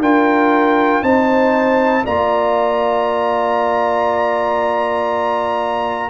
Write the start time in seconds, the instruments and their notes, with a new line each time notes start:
0.00 tuba D4, trombone F4, horn A#4, trumpet G5
1.02 tuba C4, trombone D#4, horn C5, trumpet A5
2.04 tuba A#3, trombone F4, horn D5, trumpet A#5